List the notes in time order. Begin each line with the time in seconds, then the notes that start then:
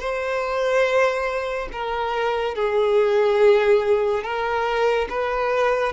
0.00 C5
1.72 A#4
2.55 G#4
4.24 A#4
5.09 B4